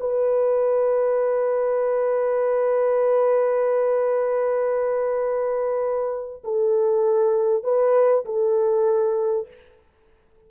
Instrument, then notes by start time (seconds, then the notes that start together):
horn
0.00 B4
6.44 A4
7.64 B4
8.25 A4